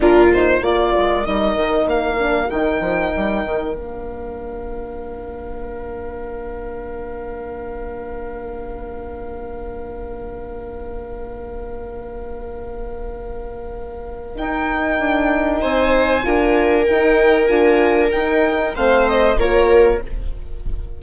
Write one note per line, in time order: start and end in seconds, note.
0.00 0.61 A#2
0.00 0.31 D4
0.00 0.62 F4
0.00 0.32 A#4
0.33 0.62 D#4
0.33 0.63 C5
0.61 0.92 A#3
0.61 1.24 F4
0.61 15.61 A#4
0.61 1.24 D5
0.97 1.26 G#3
1.24 1.56 G3
1.24 2.18 D#4
1.24 1.87 D#5
1.56 1.86 D#3
1.86 2.49 A#3
1.86 2.49 F5
2.18 2.50 D4
2.49 2.79 D#3
2.49 3.76 D#4
2.49 3.74 G5
2.79 3.11 F3
3.15 3.44 G3
3.44 3.74 D#3
3.74 14.37 A#3
3.74 14.35 D4
3.74 14.37 F5
14.35 16.22 D#4
14.35 14.99 D#4
14.35 15.62 G5
14.99 15.61 D4
15.61 16.25 C4
15.61 16.24 C5
15.61 16.85 G#5
16.22 16.87 D4
16.22 16.85 F4
16.22 18.75 A#4
16.85 17.48 D#4
16.85 17.49 D#4
16.85 17.47 G5
17.47 18.11 D4
17.47 18.10 F4
17.47 18.09 G#5
18.11 18.75 D#4
18.11 18.74 G5
18.75 19.37 A3
18.75 19.38 C4
18.75 19.37 C5
18.75 19.07 F5
19.08 19.39 D#5
19.37 20.00 A#3
19.37 20.02 F4
19.37 20.01 A#4
19.37 20.02 C#5